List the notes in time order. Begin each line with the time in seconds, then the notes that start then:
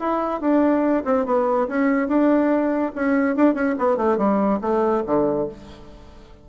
0.00 E4
0.41 D4
1.05 C4
1.26 B3
1.68 C#4
2.08 D4
2.95 C#4
3.36 D4
3.55 C#4
3.78 B3
3.97 A3
4.18 G3
4.61 A3
5.07 D3